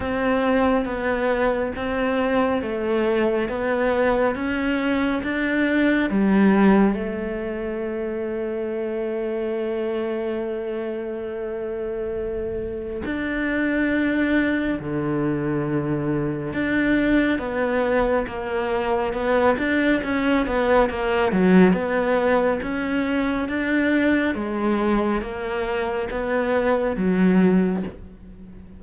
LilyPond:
\new Staff \with { instrumentName = "cello" } { \time 4/4 \tempo 4 = 69 c'4 b4 c'4 a4 | b4 cis'4 d'4 g4 | a1~ | a2. d'4~ |
d'4 d2 d'4 | b4 ais4 b8 d'8 cis'8 b8 | ais8 fis8 b4 cis'4 d'4 | gis4 ais4 b4 fis4 | }